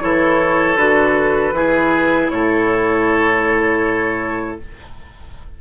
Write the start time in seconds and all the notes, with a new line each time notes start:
0.00 E3 E4 A4 C#5
0.76 D3 F#4 B4
1.52 E3 E4 G#4
2.29 A2 A4 C#5